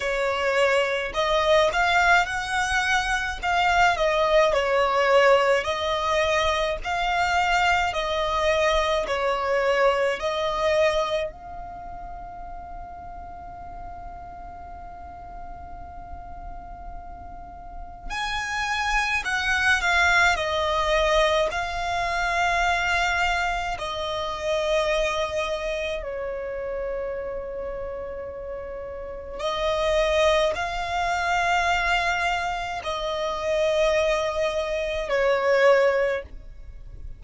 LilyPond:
\new Staff \with { instrumentName = "violin" } { \time 4/4 \tempo 4 = 53 cis''4 dis''8 f''8 fis''4 f''8 dis''8 | cis''4 dis''4 f''4 dis''4 | cis''4 dis''4 f''2~ | f''1 |
gis''4 fis''8 f''8 dis''4 f''4~ | f''4 dis''2 cis''4~ | cis''2 dis''4 f''4~ | f''4 dis''2 cis''4 | }